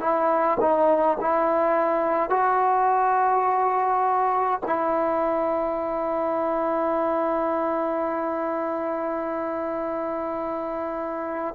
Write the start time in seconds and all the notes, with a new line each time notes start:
0.00 E4
0.60 D#4
1.21 E4
2.30 F#4
4.66 E4